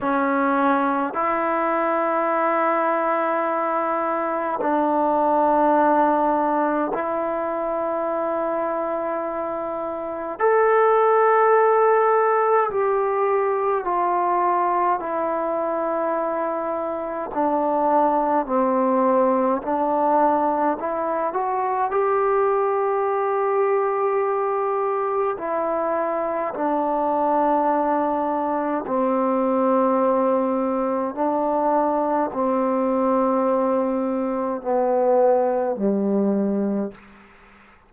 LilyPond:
\new Staff \with { instrumentName = "trombone" } { \time 4/4 \tempo 4 = 52 cis'4 e'2. | d'2 e'2~ | e'4 a'2 g'4 | f'4 e'2 d'4 |
c'4 d'4 e'8 fis'8 g'4~ | g'2 e'4 d'4~ | d'4 c'2 d'4 | c'2 b4 g4 | }